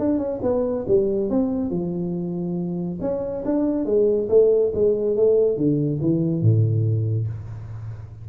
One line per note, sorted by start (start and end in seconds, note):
0.00 0.19 D4
0.19 0.40 C#4
0.43 0.86 B3
0.88 1.30 G3
1.30 1.71 C4
1.71 2.99 F3
3.02 3.44 C#4
3.46 3.86 D4
3.86 4.29 G#3
4.30 4.73 A3
4.75 5.17 G#3
5.17 5.58 A3
5.58 6.01 D3
6.02 6.42 E3
6.42 7.28 A2